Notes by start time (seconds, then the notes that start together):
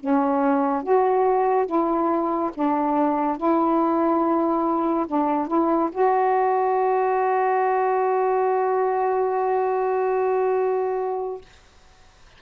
0.00 C#4
0.83 F#4
1.67 E4
2.55 D4
3.38 E4
5.07 D4
5.48 E4
5.92 F#4